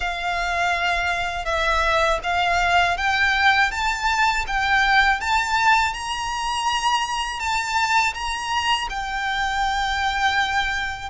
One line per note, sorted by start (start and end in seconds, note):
0.00 1.45 F5
1.45 2.19 E5
2.23 2.97 F5
2.97 3.71 G5
3.71 4.45 A5
4.46 5.20 G5
5.20 5.93 A5
5.93 7.39 A#5
7.39 8.13 A5
8.13 8.88 A#5
8.89 11.09 G5